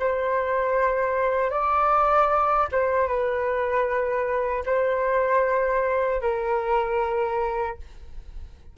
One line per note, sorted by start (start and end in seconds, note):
0.00 1.51 C5
1.51 2.68 D5
2.72 3.08 C5
3.08 4.64 B4
4.66 6.22 C5
6.22 7.77 A#4